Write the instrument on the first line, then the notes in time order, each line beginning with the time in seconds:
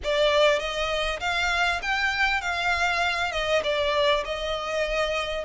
violin
0.03 D5
0.59 D#5
1.20 F5
1.82 G5
2.41 F5
3.31 D#5
3.63 D5
4.25 D#5